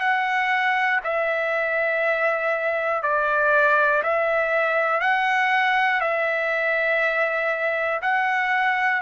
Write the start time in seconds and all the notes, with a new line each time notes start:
0.00 F#5
1.04 E5
3.02 D5
4.03 E5
5.00 F#5
6.01 E5
8.01 F#5